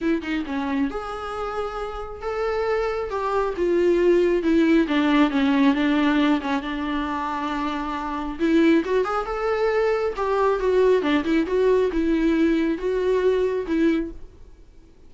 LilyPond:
\new Staff \with { instrumentName = "viola" } { \time 4/4 \tempo 4 = 136 e'8 dis'8 cis'4 gis'2~ | gis'4 a'2 g'4 | f'2 e'4 d'4 | cis'4 d'4. cis'8 d'4~ |
d'2. e'4 | fis'8 gis'8 a'2 g'4 | fis'4 d'8 e'8 fis'4 e'4~ | e'4 fis'2 e'4 | }